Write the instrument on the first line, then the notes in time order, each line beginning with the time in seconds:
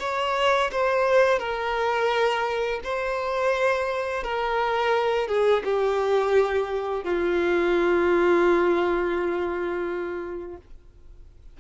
violin
0.00 C#5
0.72 C5
1.39 A#4
2.84 C5
4.24 A#4
5.28 G#4
5.64 G4
7.04 F4